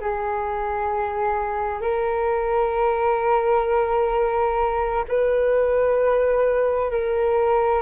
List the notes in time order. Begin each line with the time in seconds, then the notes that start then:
0.00 G#4
1.81 A#4
5.08 B4
6.91 A#4